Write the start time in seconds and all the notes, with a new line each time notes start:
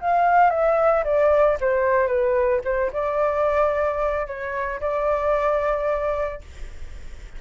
0.00 F5
0.50 E5
1.04 D5
1.60 C5
2.07 B4
2.64 C5
2.92 D5
4.26 C#5
4.80 D5